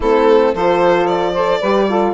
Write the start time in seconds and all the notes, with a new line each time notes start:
0.00 A3 C4 E4 A4
0.54 F3 F4 A4 C5
1.06 D5
1.32 A4 C5
1.59 G3 G4 B4
1.89 F4 A4